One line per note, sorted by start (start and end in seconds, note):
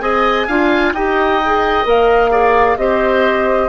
0.00 0.47 C4
0.00 0.47 G#4
0.00 0.47 D#5
0.00 0.92 G#5
0.47 0.93 D4
0.47 0.95 F4
0.47 0.93 F5
0.93 1.85 D#4
0.93 1.42 G4
0.93 2.31 D#5
0.93 1.86 G5
1.44 1.85 G#4
1.85 2.77 A#3
1.85 2.31 A#4
1.85 2.77 F5
2.31 2.77 G#4
2.31 2.77 D5
2.77 3.69 C4
2.77 3.69 G4
2.77 3.69 C5
2.77 3.69 D#5